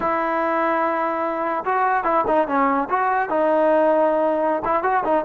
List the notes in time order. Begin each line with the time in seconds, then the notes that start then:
0.00 E4
1.65 F#4
2.03 E4
2.27 D#4
2.47 C#4
2.89 F#4
3.29 D#4
4.64 E4
4.83 F#4
5.04 D#4